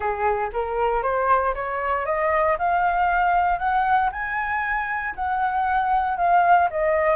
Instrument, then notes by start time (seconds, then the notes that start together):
flute
0.00 G#4
0.52 A#4
1.03 C5
1.54 C#5
2.05 D#5
2.58 F5
3.59 F#5
4.12 G#5
5.15 F#5
6.17 F5
6.70 D#5